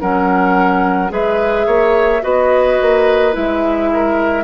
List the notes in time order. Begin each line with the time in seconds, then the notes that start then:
0.00 F#3 C#4 A#4 F#5
1.09 G#3 G#4 B4 E5
1.66 A#3 C#5
2.22 B3 F#4 B4 D#5
2.81 A#3
3.32 G#3 E4 E5
3.93 A#4